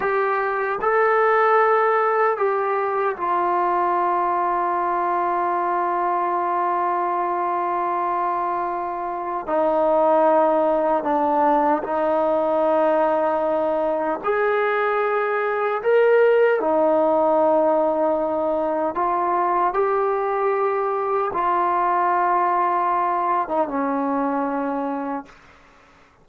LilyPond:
\new Staff \with { instrumentName = "trombone" } { \time 4/4 \tempo 4 = 76 g'4 a'2 g'4 | f'1~ | f'1 | dis'2 d'4 dis'4~ |
dis'2 gis'2 | ais'4 dis'2. | f'4 g'2 f'4~ | f'4.~ f'16 dis'16 cis'2 | }